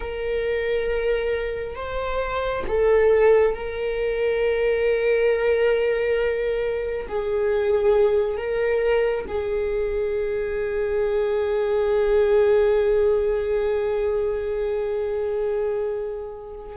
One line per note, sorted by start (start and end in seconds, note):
0.00 1.75 A#4
1.75 2.64 C5
2.67 3.54 A4
3.54 7.07 A#4
7.08 8.37 G#4
8.37 9.25 A#4
9.27 16.76 G#4